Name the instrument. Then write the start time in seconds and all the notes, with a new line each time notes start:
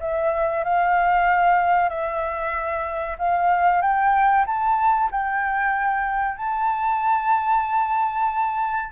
flute
0.00 E5
0.64 F5
1.89 E5
3.18 F5
3.82 G5
4.46 A5
5.11 G5
6.37 A5